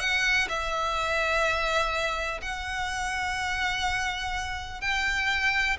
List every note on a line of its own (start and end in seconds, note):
0.00 0.48 F#5
0.49 2.41 E5
2.42 4.81 F#5
4.81 5.77 G5